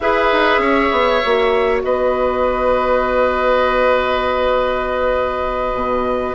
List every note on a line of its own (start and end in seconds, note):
0.00 0.31 E4
0.00 1.20 G#4
0.00 0.61 B4
0.00 1.80 E5
0.32 0.58 D#4
0.58 0.88 C#4
0.58 1.82 C#5
0.91 1.21 B3
1.20 1.82 A#3
1.20 6.34 F#4
1.82 5.73 B3
1.82 6.34 B4
1.82 6.34 D#5
5.73 6.34 B2